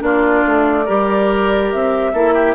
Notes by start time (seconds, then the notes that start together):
0.00 A#3 D4 F4 D5
0.46 A3
0.85 G3 G4 A#4
1.72 C4 E5
2.13 A#3 E4 A4
2.35 G4